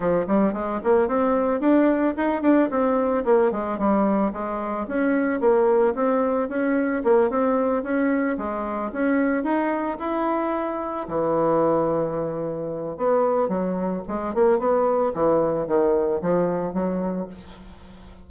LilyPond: \new Staff \with { instrumentName = "bassoon" } { \time 4/4 \tempo 4 = 111 f8 g8 gis8 ais8 c'4 d'4 | dis'8 d'8 c'4 ais8 gis8 g4 | gis4 cis'4 ais4 c'4 | cis'4 ais8 c'4 cis'4 gis8~ |
gis8 cis'4 dis'4 e'4.~ | e'8 e2.~ e8 | b4 fis4 gis8 ais8 b4 | e4 dis4 f4 fis4 | }